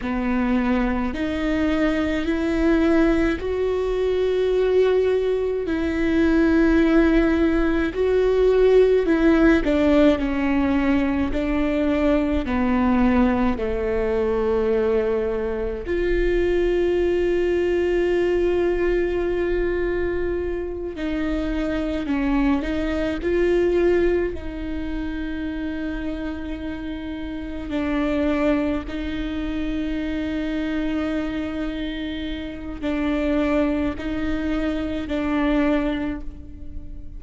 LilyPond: \new Staff \with { instrumentName = "viola" } { \time 4/4 \tempo 4 = 53 b4 dis'4 e'4 fis'4~ | fis'4 e'2 fis'4 | e'8 d'8 cis'4 d'4 b4 | a2 f'2~ |
f'2~ f'8 dis'4 cis'8 | dis'8 f'4 dis'2~ dis'8~ | dis'8 d'4 dis'2~ dis'8~ | dis'4 d'4 dis'4 d'4 | }